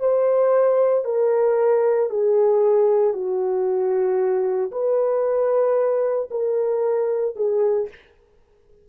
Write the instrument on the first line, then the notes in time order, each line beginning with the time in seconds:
horn
0.00 C5
1.05 A#4
2.10 G#4
3.13 F#4
4.72 B4
6.31 A#4
7.36 G#4